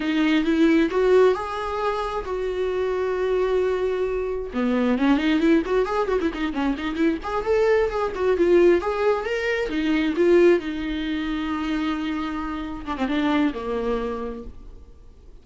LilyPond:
\new Staff \with { instrumentName = "viola" } { \time 4/4 \tempo 4 = 133 dis'4 e'4 fis'4 gis'4~ | gis'4 fis'2.~ | fis'2 b4 cis'8 dis'8 | e'8 fis'8 gis'8 fis'16 e'16 dis'8 cis'8 dis'8 e'8 |
gis'8 a'4 gis'8 fis'8 f'4 gis'8~ | gis'8 ais'4 dis'4 f'4 dis'8~ | dis'1~ | dis'8 d'16 c'16 d'4 ais2 | }